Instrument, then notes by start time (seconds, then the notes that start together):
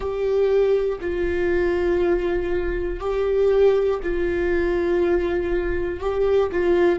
viola
0.00 G4
1.00 F4
3.00 G4
4.02 F4
6.00 G4
6.51 F4